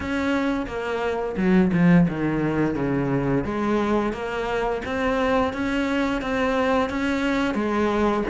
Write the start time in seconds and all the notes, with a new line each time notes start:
0.00 C#4
0.66 A#3
1.36 F#3
1.73 F3
2.08 D#3
2.75 C#3
3.44 G#3
4.12 A#3
4.85 C4
5.53 C#4
6.21 C4
6.89 C#4
7.54 G#3